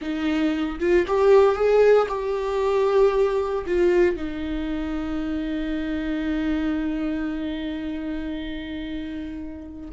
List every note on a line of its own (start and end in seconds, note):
0.01 0.79 D#4
0.79 1.06 F4
1.07 1.55 G4
1.55 2.07 G#4
2.08 3.64 G4
3.66 4.15 F4
4.15 9.89 D#4